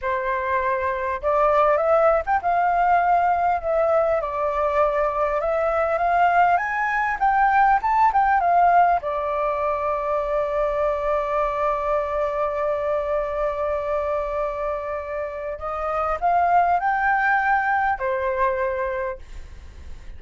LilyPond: \new Staff \with { instrumentName = "flute" } { \time 4/4 \tempo 4 = 100 c''2 d''4 e''8. g''16 | f''2 e''4 d''4~ | d''4 e''4 f''4 gis''4 | g''4 a''8 g''8 f''4 d''4~ |
d''1~ | d''1~ | d''2 dis''4 f''4 | g''2 c''2 | }